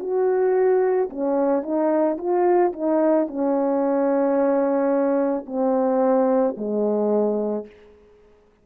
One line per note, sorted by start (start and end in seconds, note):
0.00 1.09 F#4
1.10 1.62 C#4
1.62 2.17 D#4
2.18 2.72 F4
2.73 3.27 D#4
3.27 5.45 C#4
5.46 6.55 C4
6.57 7.66 G#3